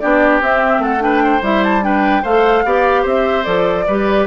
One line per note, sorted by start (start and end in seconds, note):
0.00 0.41 B3
0.00 0.42 D4
0.00 0.83 G4
0.00 0.41 D5
0.41 0.79 C4
0.41 1.00 C4
0.41 0.84 E5
0.79 1.40 A3
0.79 1.03 A4
0.79 1.03 F#5
1.00 1.41 D4
1.00 1.24 B4
1.00 1.43 G5
1.24 1.85 C5
1.42 2.24 G3
1.42 1.82 E4
1.42 1.64 E5
1.64 1.84 A5
1.82 2.23 D4
1.82 2.23 B4
1.82 2.25 G5
2.23 2.65 A3
2.23 2.66 A4
2.23 2.63 C5
2.23 3.07 F5
2.65 3.05 B3
2.65 3.44 G4
2.65 3.03 D5
3.03 3.46 C4
3.03 3.84 C5
3.03 3.44 E5
3.44 3.87 F3
3.44 3.85 A4
3.44 4.26 D5
3.88 4.27 G3
3.88 4.27 G4
3.88 4.27 B4